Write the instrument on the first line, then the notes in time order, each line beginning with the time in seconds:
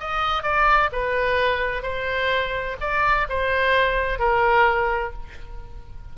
oboe
0.00 D#5
0.43 D5
0.92 B4
1.83 C5
2.81 D5
3.29 C5
4.19 A#4